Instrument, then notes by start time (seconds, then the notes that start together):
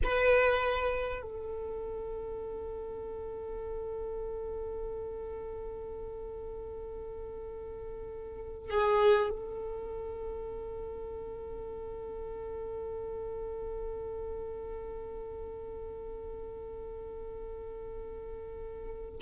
violin
0.03 B4
1.22 A4
8.69 G#4
9.29 A4